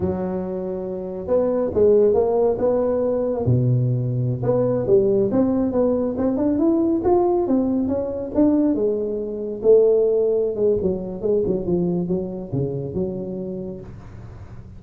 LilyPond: \new Staff \with { instrumentName = "tuba" } { \time 4/4 \tempo 4 = 139 fis2. b4 | gis4 ais4 b2 | b,2~ b,16 b4 g8.~ | g16 c'4 b4 c'8 d'8 e'8.~ |
e'16 f'4 c'4 cis'4 d'8.~ | d'16 gis2 a4.~ a16~ | a8 gis8 fis4 gis8 fis8 f4 | fis4 cis4 fis2 | }